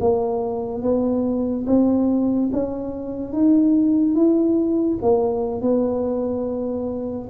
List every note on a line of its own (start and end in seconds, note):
0.00 0.82 A#3
0.82 1.66 B3
1.66 2.50 C4
2.52 3.33 C#4
3.33 4.15 D#4
4.15 4.98 E4
5.02 5.61 A#3
5.61 7.28 B3